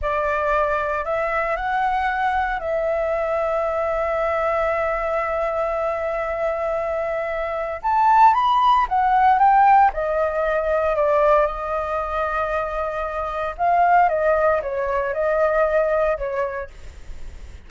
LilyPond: \new Staff \with { instrumentName = "flute" } { \time 4/4 \tempo 4 = 115 d''2 e''4 fis''4~ | fis''4 e''2.~ | e''1~ | e''2. a''4 |
b''4 fis''4 g''4 dis''4~ | dis''4 d''4 dis''2~ | dis''2 f''4 dis''4 | cis''4 dis''2 cis''4 | }